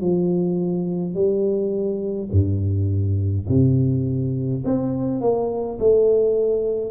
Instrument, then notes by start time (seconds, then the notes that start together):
tuba
0.00 F3
1.14 G3
2.31 G2
3.48 C3
4.65 C4
5.20 A#3
5.79 A3